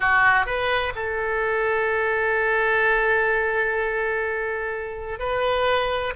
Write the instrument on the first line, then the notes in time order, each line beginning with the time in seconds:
oboe
0.00 F#4
0.46 B4
0.95 A4
5.19 B4